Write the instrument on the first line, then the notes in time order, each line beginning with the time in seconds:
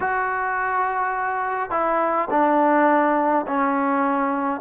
trombone
0.00 F#4
1.70 E4
2.30 D4
3.47 C#4